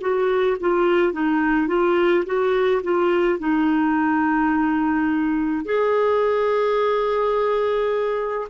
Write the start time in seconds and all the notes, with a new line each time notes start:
0.00 F#4
0.60 F4
1.12 D#4
1.67 F4
2.25 F#4
2.83 F4
3.39 D#4
5.64 G#4